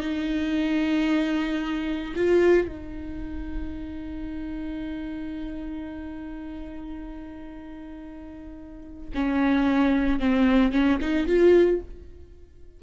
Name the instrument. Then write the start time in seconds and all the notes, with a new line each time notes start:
viola
0.00 D#4
2.16 F4
2.68 D#4
9.14 C#4
10.19 C4
10.72 C#4
11.01 D#4
11.26 F4